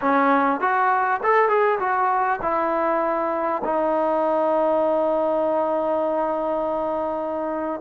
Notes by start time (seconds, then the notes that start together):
0.01 C#4
0.60 F#4
1.23 A4
1.48 G#4
1.79 F#4
2.42 E4
3.64 D#4